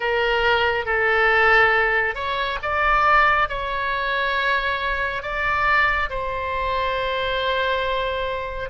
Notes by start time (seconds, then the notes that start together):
0.00 A#4
0.85 A4
2.15 C#5
2.62 D5
3.49 C#5
5.22 D5
6.09 C5